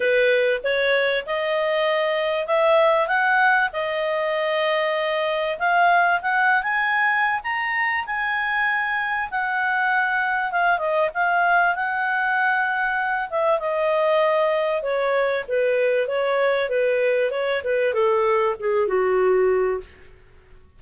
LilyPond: \new Staff \with { instrumentName = "clarinet" } { \time 4/4 \tempo 4 = 97 b'4 cis''4 dis''2 | e''4 fis''4 dis''2~ | dis''4 f''4 fis''8. gis''4~ gis''16 | ais''4 gis''2 fis''4~ |
fis''4 f''8 dis''8 f''4 fis''4~ | fis''4. e''8 dis''2 | cis''4 b'4 cis''4 b'4 | cis''8 b'8 a'4 gis'8 fis'4. | }